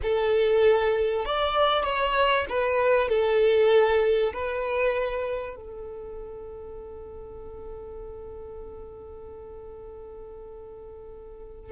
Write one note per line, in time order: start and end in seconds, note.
0.02 1.25 A4
1.25 1.83 D5
1.83 2.45 C#5
2.49 3.08 B4
3.08 4.32 A4
4.33 5.56 B4
5.56 11.71 A4